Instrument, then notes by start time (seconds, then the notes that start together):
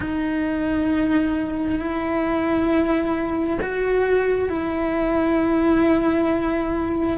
cello
0.00 D#4
1.79 E4
3.61 F#4
4.49 E4